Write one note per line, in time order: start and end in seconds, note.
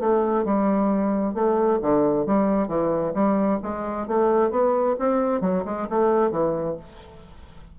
0.00 0.45 A3
0.45 1.34 G3
1.34 1.79 A3
1.82 2.27 D3
2.27 2.68 G3
2.68 3.13 E3
3.14 3.59 G3
3.63 4.08 G#3
4.08 4.51 A3
4.51 4.96 B3
5.00 5.41 C4
5.41 5.64 F#3
5.66 5.88 G#3
5.90 6.31 A3
6.31 6.76 E3